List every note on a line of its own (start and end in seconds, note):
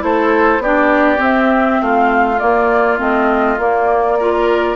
0.00 0.59 A3
0.00 0.59 E4
0.00 0.63 A4
0.00 0.62 C5
0.59 1.18 B3
0.59 1.82 G4
0.59 1.22 D5
0.65 1.17 D4
1.17 2.36 C4
1.17 1.80 C4
1.17 1.82 E5
1.81 2.41 A3
1.81 4.19 F4
1.81 2.39 F5
2.39 2.98 A#3
2.39 2.99 A#3
2.39 2.98 D5
2.98 3.58 A3
2.98 3.58 C4
2.98 3.60 D#5
3.58 4.76 A#3
3.58 4.19 A#3
3.58 4.76 D5
4.19 4.76 F4
4.19 4.76 A#4